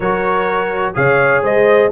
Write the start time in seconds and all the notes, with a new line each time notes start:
0.00 F#3 F#4 A#4 C#5
0.94 C#3 G#4 C#5 F5
1.42 G#3 C5 D#5